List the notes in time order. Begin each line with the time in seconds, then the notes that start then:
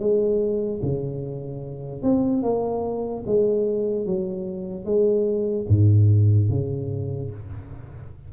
0.00 G#3
0.83 C#3
2.03 C4
2.43 A#3
3.27 G#3
4.06 F#3
4.85 G#3
5.69 G#2
6.50 C#3